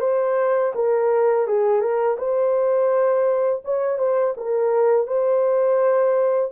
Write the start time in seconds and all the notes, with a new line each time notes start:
0.00 C5
0.75 A#4
1.47 G#4
1.81 A#4
2.18 C5
3.64 C#5
3.98 C5
4.37 A#4
5.06 C5